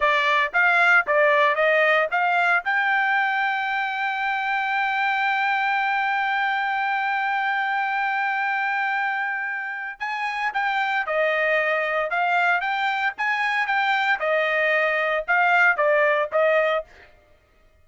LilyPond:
\new Staff \with { instrumentName = "trumpet" } { \time 4/4 \tempo 4 = 114 d''4 f''4 d''4 dis''4 | f''4 g''2.~ | g''1~ | g''1~ |
g''2. gis''4 | g''4 dis''2 f''4 | g''4 gis''4 g''4 dis''4~ | dis''4 f''4 d''4 dis''4 | }